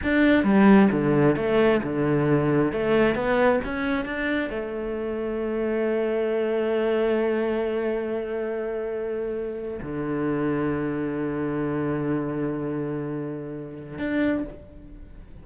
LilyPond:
\new Staff \with { instrumentName = "cello" } { \time 4/4 \tempo 4 = 133 d'4 g4 d4 a4 | d2 a4 b4 | cis'4 d'4 a2~ | a1~ |
a1~ | a4.~ a16 d2~ d16~ | d1~ | d2. d'4 | }